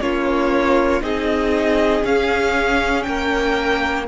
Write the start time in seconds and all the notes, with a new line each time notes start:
0.00 A#3 C#4 F4 C#5
1.01 C4 D#4 G#4 D#5
2.03 C#4 F5
3.03 A#3 A#4 G5